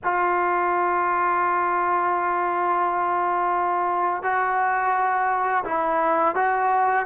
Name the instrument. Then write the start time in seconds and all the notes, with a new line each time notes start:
trombone
0.03 F4
4.23 F#4
5.64 E4
6.35 F#4